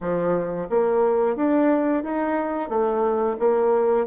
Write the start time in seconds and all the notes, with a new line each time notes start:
0.00 F3
0.69 A#3
1.35 D4
2.03 D#4
2.69 A3
3.39 A#3